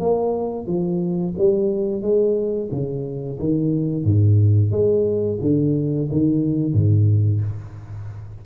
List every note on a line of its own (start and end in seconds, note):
0.00 0.67 A#3
0.67 1.34 F3
1.39 2.02 G3
2.02 2.69 G#3
2.72 3.39 C#3
3.40 4.04 D#3
4.04 4.71 G#2
4.71 5.39 G#3
5.41 6.09 D3
6.12 6.74 D#3
6.74 7.41 G#2